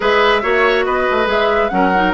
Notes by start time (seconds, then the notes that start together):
0.00 G#3 G#4 B4 E5
0.41 A#3 F#4 C#5
0.85 B3 B4 D#5
1.10 A3
1.25 G#3 G#4 E5
1.68 F#3 C#4 A#4 F#5
1.95 D#4